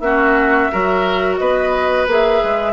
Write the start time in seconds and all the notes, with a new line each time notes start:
0.00 A#3 C#4 F#4 E5
0.72 F#3 F#4 A#4
1.38 B3 B4 D#5
2.08 A#3 G#4 E5
2.44 G#3